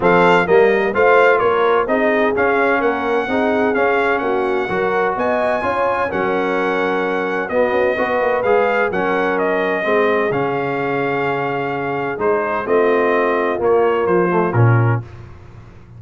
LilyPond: <<
  \new Staff \with { instrumentName = "trumpet" } { \time 4/4 \tempo 4 = 128 f''4 dis''4 f''4 cis''4 | dis''4 f''4 fis''2 | f''4 fis''2 gis''4~ | gis''4 fis''2. |
dis''2 f''4 fis''4 | dis''2 f''2~ | f''2 c''4 dis''4~ | dis''4 cis''4 c''4 ais'4 | }
  \new Staff \with { instrumentName = "horn" } { \time 4/4 a'4 ais'4 c''4 ais'4 | gis'2 ais'4 gis'4~ | gis'4 fis'4 ais'4 dis''4 | cis''4 ais'2. |
fis'4 b'2 ais'4~ | ais'4 gis'2.~ | gis'2. f'4~ | f'1 | }
  \new Staff \with { instrumentName = "trombone" } { \time 4/4 c'4 ais4 f'2 | dis'4 cis'2 dis'4 | cis'2 fis'2 | f'4 cis'2. |
b4 fis'4 gis'4 cis'4~ | cis'4 c'4 cis'2~ | cis'2 dis'4 c'4~ | c'4 ais4. a8 cis'4 | }
  \new Staff \with { instrumentName = "tuba" } { \time 4/4 f4 g4 a4 ais4 | c'4 cis'4 ais4 c'4 | cis'4 ais4 fis4 b4 | cis'4 fis2. |
b8 cis'8 b8 ais8 gis4 fis4~ | fis4 gis4 cis2~ | cis2 gis4 a4~ | a4 ais4 f4 ais,4 | }
>>